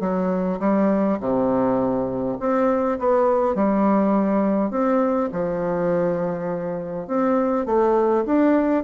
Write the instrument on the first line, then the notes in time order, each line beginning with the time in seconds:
bassoon
0.00 F#3
0.59 G3
1.20 C3
2.40 C4
2.99 B3
3.55 G3
4.70 C4
5.32 F3
7.07 C4
7.66 A3
8.25 D4